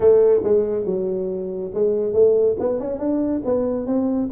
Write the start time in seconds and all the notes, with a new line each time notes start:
0.00 A3
0.43 G#3
0.85 F#3
1.74 G#3
2.13 A3
2.59 B3
2.79 C#4
2.98 D4
3.44 B3
3.86 C4